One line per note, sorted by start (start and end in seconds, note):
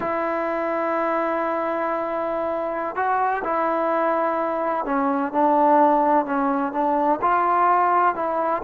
0.00 2.95 E4
2.95 3.43 F#4
3.44 4.85 E4
4.85 5.32 C#4
5.32 6.25 D4
6.25 6.72 C#4
6.72 7.19 D4
7.21 8.15 F4
8.15 8.62 E4